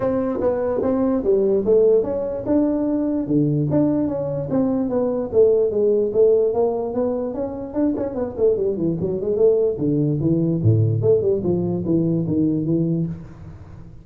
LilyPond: \new Staff \with { instrumentName = "tuba" } { \time 4/4 \tempo 4 = 147 c'4 b4 c'4 g4 | a4 cis'4 d'2 | d4 d'4 cis'4 c'4 | b4 a4 gis4 a4 |
ais4 b4 cis'4 d'8 cis'8 | b8 a8 g8 e8 fis8 gis8 a4 | d4 e4 a,4 a8 g8 | f4 e4 dis4 e4 | }